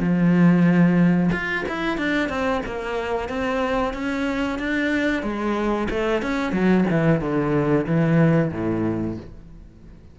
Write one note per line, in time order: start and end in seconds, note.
0.00 1.30 F3
1.33 1.65 F4
1.69 1.98 E4
1.98 2.29 D4
2.29 2.62 C4
2.66 3.29 A#3
3.29 3.94 C4
3.94 4.59 C#4
4.59 5.23 D4
5.23 5.88 G#3
5.90 6.22 A3
6.22 6.53 C#4
6.53 6.85 F#3
6.90 7.21 E3
7.21 7.86 D3
7.87 8.52 E3
8.52 9.17 A2